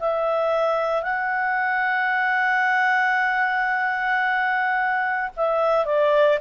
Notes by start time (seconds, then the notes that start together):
0.00 E5
1.03 F#5
5.37 E5
5.86 D5